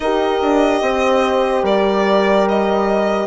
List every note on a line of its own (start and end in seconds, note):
0.00 0.40 D#4
0.00 3.26 G4
0.00 0.82 A#4
0.00 1.65 D#5
0.41 0.81 D4
0.81 1.62 C4
0.81 1.63 C5
1.62 3.26 G3
1.62 3.26 A#4
1.62 2.48 D5
2.48 3.26 D#5